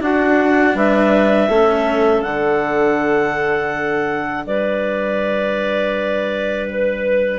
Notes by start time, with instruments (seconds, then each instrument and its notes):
0.00 cello D4, bassoon D4, clarinet F#4 F#5
0.74 bassoon G3, clarinet B4 E5
1.48 bassoon A3, cello C#4, clarinet A4
2.22 bassoon D3, cello D4, clarinet F#5
4.45 bassoon G3, clarinet B4 D5
6.69 clarinet B4